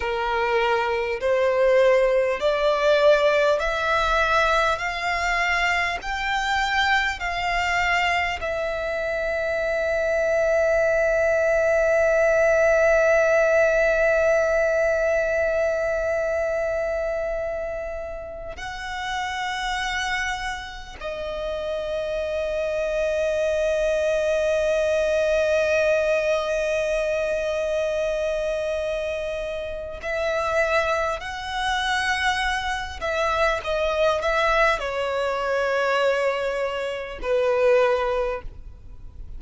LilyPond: \new Staff \with { instrumentName = "violin" } { \time 4/4 \tempo 4 = 50 ais'4 c''4 d''4 e''4 | f''4 g''4 f''4 e''4~ | e''1~ | e''2.~ e''8 fis''8~ |
fis''4. dis''2~ dis''8~ | dis''1~ | dis''4 e''4 fis''4. e''8 | dis''8 e''8 cis''2 b'4 | }